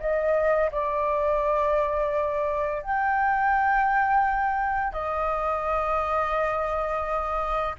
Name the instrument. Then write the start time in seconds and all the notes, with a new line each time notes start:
flute
0.00 D#5
0.72 D5
2.83 G5
4.93 D#5